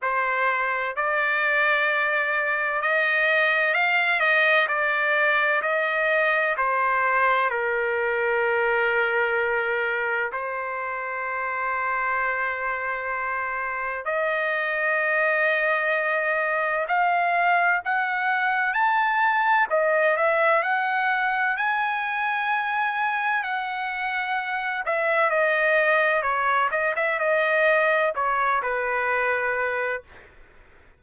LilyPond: \new Staff \with { instrumentName = "trumpet" } { \time 4/4 \tempo 4 = 64 c''4 d''2 dis''4 | f''8 dis''8 d''4 dis''4 c''4 | ais'2. c''4~ | c''2. dis''4~ |
dis''2 f''4 fis''4 | a''4 dis''8 e''8 fis''4 gis''4~ | gis''4 fis''4. e''8 dis''4 | cis''8 dis''16 e''16 dis''4 cis''8 b'4. | }